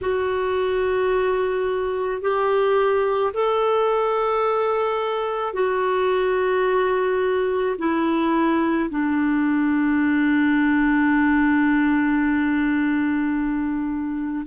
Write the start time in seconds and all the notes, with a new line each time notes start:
0.01 F#4
2.21 G4
3.33 A4
5.53 F#4
7.78 E4
8.89 D4